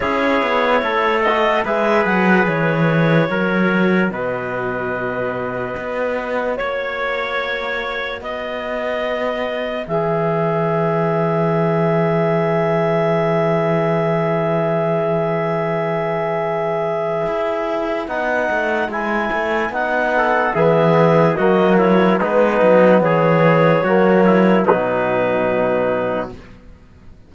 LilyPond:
<<
  \new Staff \with { instrumentName = "clarinet" } { \time 4/4 \tempo 4 = 73 cis''4. dis''8 e''8 fis''8 cis''4~ | cis''4 dis''2. | cis''2 dis''2 | e''1~ |
e''1~ | e''2 fis''4 gis''4 | fis''4 e''4 dis''8 cis''8 b'4 | cis''2 b'2 | }
  \new Staff \with { instrumentName = "trumpet" } { \time 4/4 gis'4 a'4 b'2 | ais'4 b'2. | cis''2 b'2~ | b'1~ |
b'1~ | b'1~ | b'8 a'8 gis'4 fis'8 e'8 dis'4 | gis'4 fis'8 e'8 dis'2 | }
  \new Staff \with { instrumentName = "trombone" } { \time 4/4 e'4. fis'8 gis'2 | fis'1~ | fis'1 | gis'1~ |
gis'1~ | gis'2 dis'4 e'4 | dis'4 b4 ais4 b4~ | b4 ais4 fis2 | }
  \new Staff \with { instrumentName = "cello" } { \time 4/4 cis'8 b8 a4 gis8 fis8 e4 | fis4 b,2 b4 | ais2 b2 | e1~ |
e1~ | e4 e'4 b8 a8 gis8 a8 | b4 e4 fis4 gis8 fis8 | e4 fis4 b,2 | }
>>